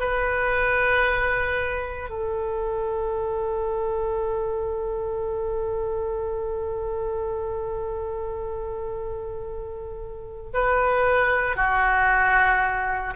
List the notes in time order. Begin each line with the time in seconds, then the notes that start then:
0.00 B4
2.10 A4
10.54 B4
11.56 F#4